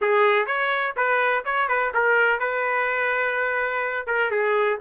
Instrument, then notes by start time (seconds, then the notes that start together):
trumpet
0.01 G#4
0.46 C#5
0.96 B4
1.44 C#5
1.68 B4
1.94 A#4
2.39 B4
4.06 A#4
4.30 G#4